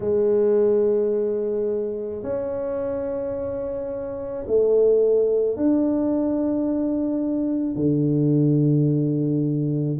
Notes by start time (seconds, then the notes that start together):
0.00 G#3
2.22 C#4
4.46 A3
5.56 D4
7.75 D3